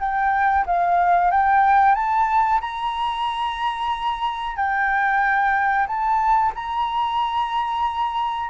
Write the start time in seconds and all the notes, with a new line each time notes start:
0.00 G5
0.66 F5
1.31 G5
1.95 A5
2.61 A#5
4.57 G5
5.87 A5
6.55 A#5